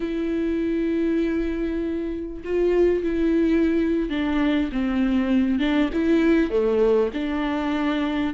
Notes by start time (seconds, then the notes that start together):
0.00 E4
2.44 F4
3.03 E4
4.09 D4
4.72 C4
5.59 D4
5.93 E4
6.50 A3
7.13 D4